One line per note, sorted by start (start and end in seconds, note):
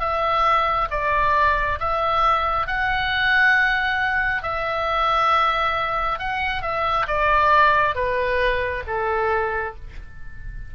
0.00 0.88 E5
0.91 1.79 D5
1.79 2.67 E5
2.67 4.43 F#5
4.43 6.19 E5
6.19 6.62 F#5
6.62 7.06 E5
7.07 7.95 D5
7.95 8.83 B4
8.87 9.75 A4